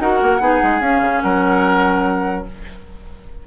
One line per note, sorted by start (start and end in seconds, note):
0.00 0.21 D#4
0.00 0.40 F#4
0.00 0.42 A#4
0.00 0.82 F#5
0.23 0.40 A#3
0.40 0.61 B3
0.40 0.82 D#4
0.40 1.24 G#4
0.64 0.81 G#3
0.81 1.01 C#4
0.81 2.46 C#4
0.81 1.22 F5
1.01 1.22 C#3
1.22 2.47 F#3
1.22 2.47 A#4
1.22 2.45 F#5